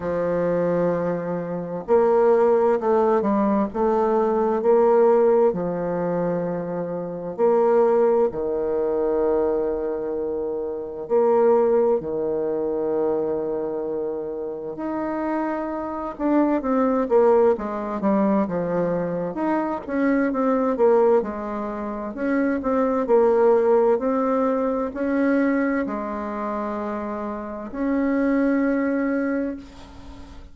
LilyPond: \new Staff \with { instrumentName = "bassoon" } { \time 4/4 \tempo 4 = 65 f2 ais4 a8 g8 | a4 ais4 f2 | ais4 dis2. | ais4 dis2. |
dis'4. d'8 c'8 ais8 gis8 g8 | f4 dis'8 cis'8 c'8 ais8 gis4 | cis'8 c'8 ais4 c'4 cis'4 | gis2 cis'2 | }